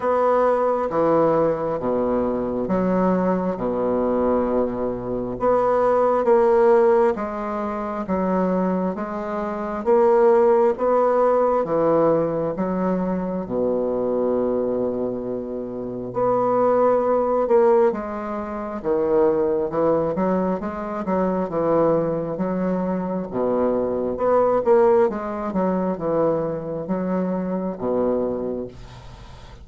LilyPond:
\new Staff \with { instrumentName = "bassoon" } { \time 4/4 \tempo 4 = 67 b4 e4 b,4 fis4 | b,2 b4 ais4 | gis4 fis4 gis4 ais4 | b4 e4 fis4 b,4~ |
b,2 b4. ais8 | gis4 dis4 e8 fis8 gis8 fis8 | e4 fis4 b,4 b8 ais8 | gis8 fis8 e4 fis4 b,4 | }